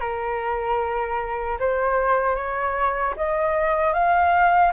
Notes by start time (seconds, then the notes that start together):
0.00 A#4
1.59 C5
2.35 C#5
3.17 D#5
3.93 F5